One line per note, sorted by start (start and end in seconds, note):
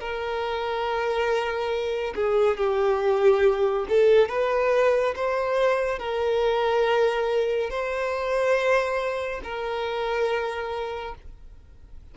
0.00 2.14 A#4
2.15 2.58 G#4
2.58 3.86 G4
3.89 4.29 A4
4.29 5.15 B4
5.16 5.99 C5
5.99 7.70 A#4
7.70 9.42 C5
9.44 11.15 A#4